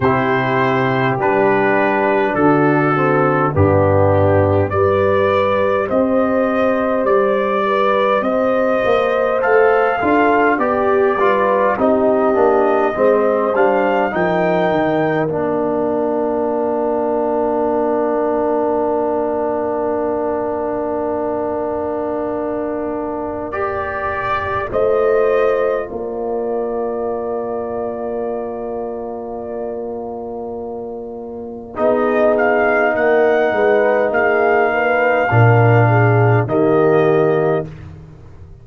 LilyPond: <<
  \new Staff \with { instrumentName = "trumpet" } { \time 4/4 \tempo 4 = 51 c''4 b'4 a'4 g'4 | d''4 dis''4 d''4 dis''4 | f''4 d''4 dis''4. f''8 | g''4 f''2.~ |
f''1 | d''4 dis''4 d''2~ | d''2. dis''8 f''8 | fis''4 f''2 dis''4 | }
  \new Staff \with { instrumentName = "horn" } { \time 4/4 g'2 fis'4 d'4 | b'4 c''4. b'8 c''4~ | c''8 a'8 g'8 b'8 g'4 c''4 | ais'1~ |
ais'1~ | ais'4 c''4 ais'2~ | ais'2. gis'4 | ais'8 b'8 gis'8 b'8 ais'8 gis'8 g'4 | }
  \new Staff \with { instrumentName = "trombone" } { \time 4/4 e'4 d'4. c'8 b4 | g'1 | a'8 f'8 g'8 f'8 dis'8 d'8 c'8 d'8 | dis'4 d'2.~ |
d'1 | g'4 f'2.~ | f'2. dis'4~ | dis'2 d'4 ais4 | }
  \new Staff \with { instrumentName = "tuba" } { \time 4/4 c4 g4 d4 g,4 | g4 c'4 g4 c'8 ais8 | a8 d'8 b8 g8 c'8 ais8 gis8 g8 | f8 dis8 ais2.~ |
ais1~ | ais4 a4 ais2~ | ais2. b4 | ais8 gis8 ais4 ais,4 dis4 | }
>>